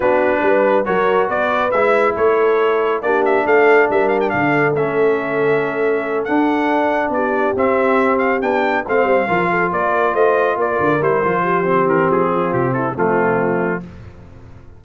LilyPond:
<<
  \new Staff \with { instrumentName = "trumpet" } { \time 4/4 \tempo 4 = 139 b'2 cis''4 d''4 | e''4 cis''2 d''8 e''8 | f''4 e''8 f''16 g''16 f''4 e''4~ | e''2~ e''8 fis''4.~ |
fis''8 d''4 e''4. f''8 g''8~ | g''8 f''2 d''4 dis''8~ | dis''8 d''4 c''2 ais'8 | gis'4 g'8 a'8 f'2 | }
  \new Staff \with { instrumentName = "horn" } { \time 4/4 fis'4 b'4 ais'4 b'4~ | b'4 a'2 g'4 | a'4 ais'4 a'2~ | a'1~ |
a'8 g'2.~ g'8~ | g'8 c''4 ais'8 a'8 ais'4 c''8~ | c''8 ais'2 g'4.~ | g'8 f'4 e'8 c'2 | }
  \new Staff \with { instrumentName = "trombone" } { \time 4/4 d'2 fis'2 | e'2. d'4~ | d'2. cis'4~ | cis'2~ cis'8 d'4.~ |
d'4. c'2 d'8~ | d'8 c'4 f'2~ f'8~ | f'4. e'8 f'4 c'4~ | c'2 a2 | }
  \new Staff \with { instrumentName = "tuba" } { \time 4/4 b4 g4 fis4 b4 | gis4 a2 ais4 | a4 g4 d4 a4~ | a2~ a8 d'4.~ |
d'8 b4 c'2 b8~ | b8 a8 g8 f4 ais4 a8~ | a8 ais8 d8 g8 f4. e8 | f4 c4 f2 | }
>>